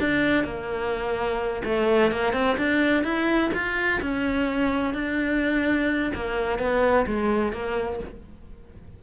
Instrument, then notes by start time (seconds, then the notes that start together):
cello
0.00 D4
0.44 A#3
1.64 A3
2.11 A#3
2.33 C4
2.58 D4
3.04 E4
3.54 F4
4.02 C#4
4.94 D4
6.15 A#3
6.59 B3
7.07 G#3
7.53 A#3